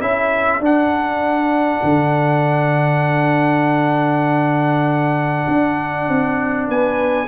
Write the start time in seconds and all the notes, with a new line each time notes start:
0.00 C#4 E4 A4 E5
0.60 D4 F#5
1.83 D3
5.48 D4
6.08 C4
6.68 B3 B4 G#5